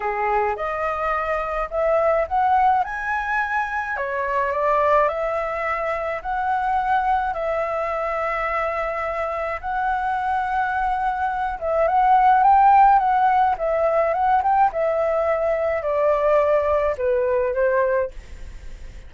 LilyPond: \new Staff \with { instrumentName = "flute" } { \time 4/4 \tempo 4 = 106 gis'4 dis''2 e''4 | fis''4 gis''2 cis''4 | d''4 e''2 fis''4~ | fis''4 e''2.~ |
e''4 fis''2.~ | fis''8 e''8 fis''4 g''4 fis''4 | e''4 fis''8 g''8 e''2 | d''2 b'4 c''4 | }